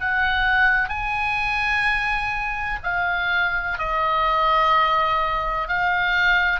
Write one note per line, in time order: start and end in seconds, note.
0.00 0.89 F#5
0.89 2.79 G#5
2.83 3.78 F5
3.78 5.68 D#5
5.68 6.60 F5